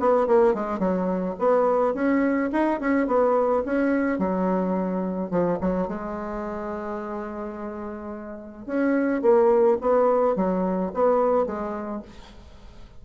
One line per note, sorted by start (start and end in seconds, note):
0.00 0.27 B3
0.27 0.55 A#3
0.55 0.79 G#3
0.79 1.35 F#3
1.39 1.94 B3
1.94 2.51 C#4
2.53 2.81 D#4
2.81 3.07 C#4
3.07 3.63 B3
3.66 4.19 C#4
4.19 5.31 F#3
5.31 5.59 F3
5.61 5.88 F#3
5.88 8.66 G#3
8.66 9.22 C#4
9.22 9.78 A#3
9.81 10.36 B3
10.36 10.92 F#3
10.94 11.46 B3
11.46 12.03 G#3